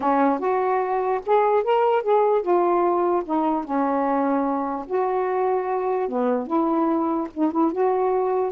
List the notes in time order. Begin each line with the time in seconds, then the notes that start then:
0.00 C#4
0.39 F#4
1.26 G#4
1.63 A#4
2.02 G#4
2.41 F4
3.24 D#4
3.64 C#4
4.86 F#4
6.08 B3
6.46 E4
7.34 D#4
7.51 E4
7.71 F#4